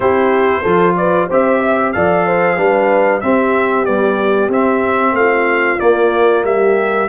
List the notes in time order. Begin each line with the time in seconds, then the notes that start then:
0.00 C4 E4 G4 C5
0.61 F3 F4 A4
0.96 B4 D5
1.28 C4 G4 C5 E5
1.61 E5
1.92 F3 A4 D5 F5
2.26 C5
2.57 G3 D4 B4
3.20 C4 G4 E5
3.85 G3 B3 D5
4.49 C4 E5
5.12 A3 F5
5.19 F4
5.78 A#3 D5
6.44 G3 G4 E5